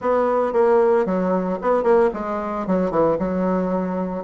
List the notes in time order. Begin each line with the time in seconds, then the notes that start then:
0.01 B3
0.52 A#3
1.05 F#3
1.61 B3
1.83 A#3
2.13 G#3
2.66 F#3
2.90 E3
3.18 F#3